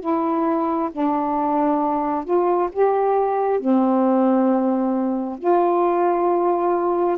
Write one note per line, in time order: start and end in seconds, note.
0.00 0.90 E4
0.92 2.24 D4
2.24 2.69 F4
2.72 3.59 G4
3.59 5.39 C4
5.39 7.17 F4